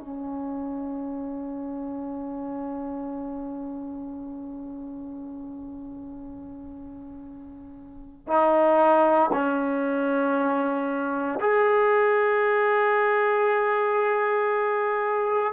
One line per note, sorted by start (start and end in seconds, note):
0.00 8.28 C#4
8.28 9.31 D#4
9.33 11.40 C#4
11.41 15.53 G#4